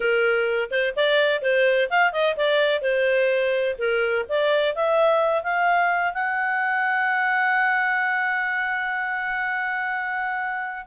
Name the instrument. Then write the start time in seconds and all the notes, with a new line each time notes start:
clarinet
0.00 A#4
0.70 C5
0.96 D5
1.42 C5
1.90 F5
2.12 D#5
2.36 D5
2.81 C5
3.78 A#4
4.28 D5
4.75 E5
5.43 F5
6.13 F#5